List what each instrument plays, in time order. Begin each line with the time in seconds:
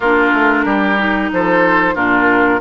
0.00 bassoon A#3, clarinet D4, oboe F4, flute A#4
0.33 bassoon A3
0.64 bassoon G3, oboe G4
0.98 clarinet D#4
1.32 bassoon F3, oboe A4, flute C5
1.95 bassoon A#2, clarinet D4, oboe F4, flute A#4